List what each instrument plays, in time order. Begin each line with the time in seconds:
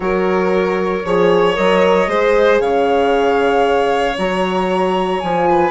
0.00 bassoon F#3, horn F#4, violin A#4, flute C#5
1.04 bassoon F3, horn G#4, violin C#5
1.54 bassoon F#3, horn A#4, flute D#5
2.07 bassoon G#3, horn G#4, violin C5
2.60 bassoon C#3, violin C#5, flute F5
4.18 bassoon F#3, horn F#4, flute A#5
5.19 bassoon F3, horn F4, flute G#5
5.49 violin B4